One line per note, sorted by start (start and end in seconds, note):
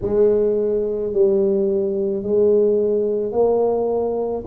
0.01 1.12 G#3
1.12 2.22 G3
2.22 3.32 G#3
3.32 4.43 A#3